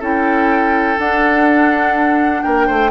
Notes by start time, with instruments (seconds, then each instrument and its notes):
0.00 bassoon C#4, clarinet E4, oboe A4, flute G5
0.98 clarinet D4, bassoon D4, flute F#5
2.43 bassoon A#3, oboe A#4, flute G5
2.67 bassoon A3, oboe C5